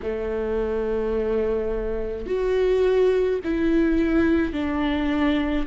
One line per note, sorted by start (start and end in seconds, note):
0.02 2.26 A3
2.26 3.40 F#4
3.44 4.53 E4
4.53 5.66 D4